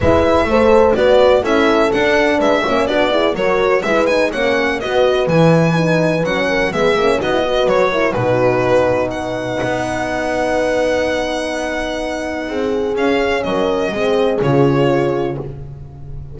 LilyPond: <<
  \new Staff \with { instrumentName = "violin" } { \time 4/4 \tempo 4 = 125 e''2 d''4 e''4 | fis''4 e''4 d''4 cis''4 | e''8 gis''8 fis''4 dis''4 gis''4~ | gis''4 fis''4 e''4 dis''4 |
cis''4 b'2 fis''4~ | fis''1~ | fis''2. f''4 | dis''2 cis''2 | }
  \new Staff \with { instrumentName = "horn" } { \time 4/4 b'4 c''4 b'4 a'4~ | a'4 b'8 cis''8 fis'8 gis'8 ais'4 | b'4 cis''4 b'2~ | b'4. ais'8 gis'4 fis'8 b'8~ |
b'8 ais'8 fis'2 b'4~ | b'1~ | b'2 gis'2 | ais'4 gis'2. | }
  \new Staff \with { instrumentName = "horn" } { \time 4/4 e'4 a'4 fis'4 e'4 | d'4. cis'8 d'8 e'8 fis'4 | e'8 dis'8 cis'4 fis'4 e'4 | dis'4 cis'4 b8 cis'8 dis'16 e'16 fis'8~ |
fis'8 e'8 dis'2.~ | dis'1~ | dis'2. cis'4~ | cis'4 c'4 f'2 | }
  \new Staff \with { instrumentName = "double bass" } { \time 4/4 gis4 a4 b4 cis'4 | d'4 gis8 ais8 b4 fis4 | gis4 ais4 b4 e4~ | e4 fis4 gis8 ais8 b4 |
fis4 b,2. | b1~ | b2 c'4 cis'4 | fis4 gis4 cis2 | }
>>